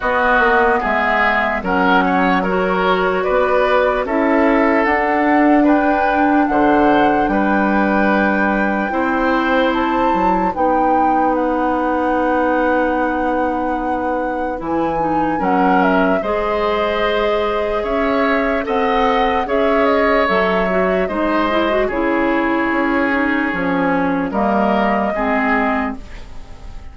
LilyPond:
<<
  \new Staff \with { instrumentName = "flute" } { \time 4/4 \tempo 4 = 74 dis''4 e''4 fis''4 cis''4 | d''4 e''4 fis''4 g''4 | fis''4 g''2. | a''4 g''4 fis''2~ |
fis''2 gis''4 fis''8 e''8 | dis''2 e''4 fis''4 | e''8 dis''8 e''4 dis''4 cis''4~ | cis''2 dis''2 | }
  \new Staff \with { instrumentName = "oboe" } { \time 4/4 fis'4 gis'4 ais'8 cis''8 ais'4 | b'4 a'2 b'4 | c''4 b'2 c''4~ | c''4 b'2.~ |
b'2. ais'4 | c''2 cis''4 dis''4 | cis''2 c''4 gis'4~ | gis'2 ais'4 gis'4 | }
  \new Staff \with { instrumentName = "clarinet" } { \time 4/4 b2 cis'4 fis'4~ | fis'4 e'4 d'2~ | d'2. e'4~ | e'4 dis'2.~ |
dis'2 e'8 dis'8 cis'4 | gis'2. a'4 | gis'4 a'8 fis'8 dis'8 e'16 fis'16 e'4~ | e'8 dis'8 cis'4 ais4 c'4 | }
  \new Staff \with { instrumentName = "bassoon" } { \time 4/4 b8 ais8 gis4 fis2 | b4 cis'4 d'2 | d4 g2 c'4~ | c'8 fis8 b2.~ |
b2 e4 fis4 | gis2 cis'4 c'4 | cis'4 fis4 gis4 cis4 | cis'4 f4 g4 gis4 | }
>>